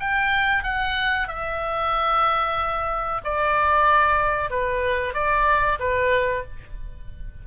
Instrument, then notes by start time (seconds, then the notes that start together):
oboe
0.00 G5
0.64 F#5
1.28 E5
3.24 D5
4.51 B4
5.14 D5
5.80 B4